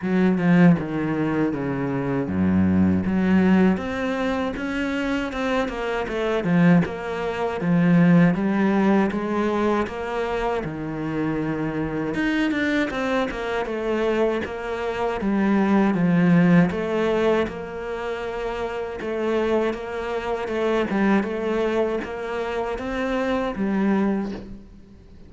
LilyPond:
\new Staff \with { instrumentName = "cello" } { \time 4/4 \tempo 4 = 79 fis8 f8 dis4 cis4 fis,4 | fis4 c'4 cis'4 c'8 ais8 | a8 f8 ais4 f4 g4 | gis4 ais4 dis2 |
dis'8 d'8 c'8 ais8 a4 ais4 | g4 f4 a4 ais4~ | ais4 a4 ais4 a8 g8 | a4 ais4 c'4 g4 | }